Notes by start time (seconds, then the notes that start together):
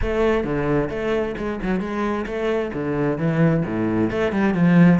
0.01 A3
0.43 D3
0.89 A3
1.37 G#3
1.62 F#3
1.80 G#3
2.26 A3
2.73 D3
3.18 E3
3.65 A2
4.10 A3
4.32 G3
4.54 F3